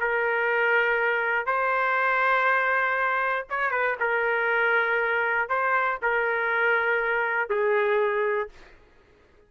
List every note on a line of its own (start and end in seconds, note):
0.00 1.46 A#4
1.46 3.46 C5
3.50 3.71 C#5
3.71 3.96 B4
4.00 5.49 A#4
5.49 5.99 C5
6.02 7.49 A#4
7.49 8.49 G#4